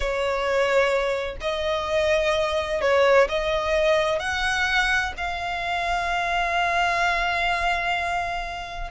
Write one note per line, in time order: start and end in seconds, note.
0.00 1.36 C#5
1.40 2.81 D#5
2.81 3.27 C#5
3.28 4.19 D#5
4.19 5.13 F#5
5.17 8.90 F5